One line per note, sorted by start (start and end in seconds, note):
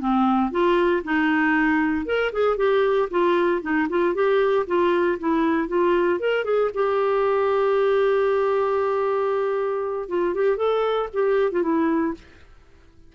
0.00 0.51 C4
0.51 1.03 F4
1.04 2.06 D#4
2.06 2.32 A#4
2.33 2.57 G#4
2.57 3.09 G4
3.11 3.62 F4
3.62 3.88 D#4
3.89 4.14 F4
4.14 4.66 G4
4.67 5.19 F4
5.19 5.68 E4
5.68 6.20 F4
6.20 6.45 A#4
6.45 6.71 G#4
6.74 10.09 G4
10.09 10.35 F4
10.35 10.57 G4
10.57 11.09 A4
11.13 11.52 G4
11.52 11.63 F4
11.63 12.14 E4